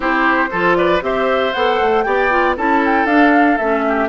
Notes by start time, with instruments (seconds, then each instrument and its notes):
0.00 bassoon C4, clarinet E4, oboe G4, flute C5
0.51 bassoon F3, clarinet F4, oboe A4
0.75 oboe B4, flute D5
1.00 bassoon C4, clarinet G4, oboe C5, flute E5
1.52 bassoon B3, clarinet A4, flute F#5
1.80 bassoon A3
2.03 bassoon B3, clarinet G4, oboe D5, flute G5
2.30 clarinet F4
2.56 bassoon C#4, clarinet E4, oboe A4, flute A5
2.85 flute G5
3.05 bassoon D4, clarinet D4, flute F5
3.57 bassoon A3, clarinet C#4, flute E5
3.88 oboe G4